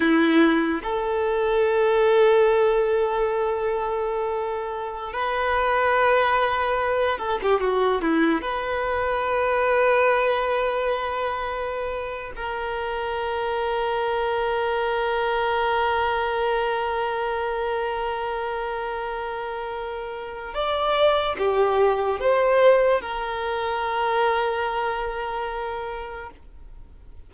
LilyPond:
\new Staff \with { instrumentName = "violin" } { \time 4/4 \tempo 4 = 73 e'4 a'2.~ | a'2~ a'16 b'4.~ b'16~ | b'8. a'16 g'16 fis'8 e'8 b'4.~ b'16~ | b'2. ais'4~ |
ais'1~ | ais'1~ | ais'4 d''4 g'4 c''4 | ais'1 | }